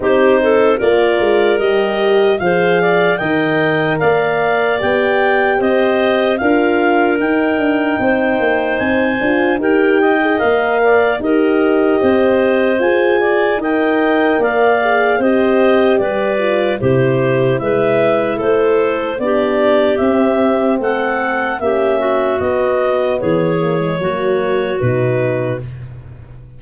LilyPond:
<<
  \new Staff \with { instrumentName = "clarinet" } { \time 4/4 \tempo 4 = 75 c''4 d''4 dis''4 f''4 | g''4 f''4 g''4 dis''4 | f''4 g''2 gis''4 | g''4 f''4 dis''2 |
gis''4 g''4 f''4 dis''4 | d''4 c''4 e''4 c''4 | d''4 e''4 fis''4 e''4 | dis''4 cis''2 b'4 | }
  \new Staff \with { instrumentName = "clarinet" } { \time 4/4 g'8 a'8 ais'2 c''8 d''8 | dis''4 d''2 c''4 | ais'2 c''2 | ais'8 dis''4 d''8 ais'4 c''4~ |
c''8 d''8 dis''4 d''4 c''4 | b'4 g'4 b'4 a'4 | g'2 a'4 g'8 fis'8~ | fis'4 gis'4 fis'2 | }
  \new Staff \with { instrumentName = "horn" } { \time 4/4 dis'4 f'4 g'4 gis'4 | ais'2 g'2 | f'4 dis'2~ dis'8 f'8 | g'8. gis'16 ais'4 g'2 |
gis'4 ais'4. gis'8 g'4~ | g'8 f'8 e'2. | d'4 c'2 cis'4 | b4. ais16 gis16 ais4 dis'4 | }
  \new Staff \with { instrumentName = "tuba" } { \time 4/4 c'4 ais8 gis8 g4 f4 | dis4 ais4 b4 c'4 | d'4 dis'8 d'8 c'8 ais8 c'8 d'8 | dis'4 ais4 dis'4 c'4 |
f'4 dis'4 ais4 c'4 | g4 c4 gis4 a4 | b4 c'4 a4 ais4 | b4 e4 fis4 b,4 | }
>>